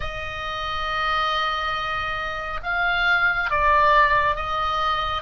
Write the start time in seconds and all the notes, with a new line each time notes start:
0.00 D#5
2.63 F5
3.50 D5
4.35 D#5